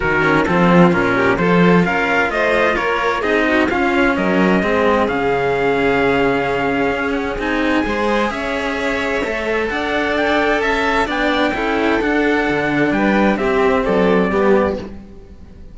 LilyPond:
<<
  \new Staff \with { instrumentName = "trumpet" } { \time 4/4 \tempo 4 = 130 ais'4 a'4 ais'4 c''4 | f''4 dis''4 cis''4 dis''4 | f''4 dis''2 f''4~ | f''2.~ f''8 fis''8 |
gis''2 e''2~ | e''4 fis''4 g''4 a''4 | g''2 fis''2 | g''4 e''4 d''2 | }
  \new Staff \with { instrumentName = "violin" } { \time 4/4 fis'4 f'4. g'8 a'4 | ais'4 c''4 ais'4 gis'8 fis'8 | f'4 ais'4 gis'2~ | gis'1~ |
gis'4 c''4 cis''2~ | cis''4 d''2 e''4 | d''4 a'2. | b'4 g'4 a'4 g'4 | }
  \new Staff \with { instrumentName = "cello" } { \time 4/4 dis'8 cis'8 c'4 cis'4 f'4~ | f'2. dis'4 | cis'2 c'4 cis'4~ | cis'1 |
dis'4 gis'2. | a'1 | d'4 e'4 d'2~ | d'4 c'2 b4 | }
  \new Staff \with { instrumentName = "cello" } { \time 4/4 dis4 f4 ais,4 f4 | cis'4 a4 ais4 c'4 | cis'4 fis4 gis4 cis4~ | cis2. cis'4 |
c'4 gis4 cis'2 | a4 d'2 cis'4 | b4 cis'4 d'4 d4 | g4 c'4 fis4 g4 | }
>>